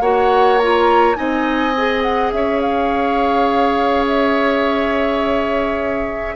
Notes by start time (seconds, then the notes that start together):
0.00 A#3 F#4 C#5 F#5
0.58 F4 A#5
1.15 C4 D#4 D#5 G#5
1.77 G#4
2.02 F#5
2.31 C#4 C#5 E5
2.61 F5
4.07 E5